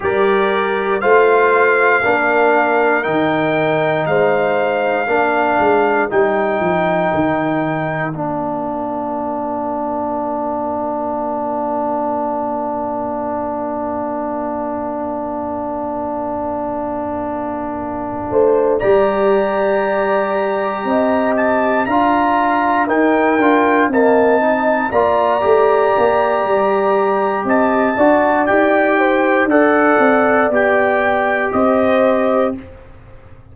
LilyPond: <<
  \new Staff \with { instrumentName = "trumpet" } { \time 4/4 \tempo 4 = 59 d''4 f''2 g''4 | f''2 g''2 | f''1~ | f''1~ |
f''2~ f''8 ais''4.~ | ais''4 a''8 ais''4 g''4 a''8~ | a''8 ais''2~ ais''8 a''4 | g''4 fis''4 g''4 dis''4 | }
  \new Staff \with { instrumentName = "horn" } { \time 4/4 ais'4 c''4 ais'2 | c''4 ais'2.~ | ais'1~ | ais'1~ |
ais'2 c''8 d''4.~ | d''8 dis''4 f''4 ais'4 dis''8~ | dis''8 d''2~ d''8 dis''8 d''8~ | d''8 c''8 d''2 c''4 | }
  \new Staff \with { instrumentName = "trombone" } { \time 4/4 g'4 f'4 d'4 dis'4~ | dis'4 d'4 dis'2 | d'1~ | d'1~ |
d'2~ d'8 g'4.~ | g'4. f'4 dis'8 f'8 ais8 | dis'8 f'8 g'2~ g'8 fis'8 | g'4 a'4 g'2 | }
  \new Staff \with { instrumentName = "tuba" } { \time 4/4 g4 a4 ais4 dis4 | gis4 ais8 gis8 g8 f8 dis4 | ais1~ | ais1~ |
ais2 a8 g4.~ | g8 c'4 d'4 dis'8 d'8 c'8~ | c'8 ais8 a8 ais8 g4 c'8 d'8 | dis'4 d'8 c'8 b4 c'4 | }
>>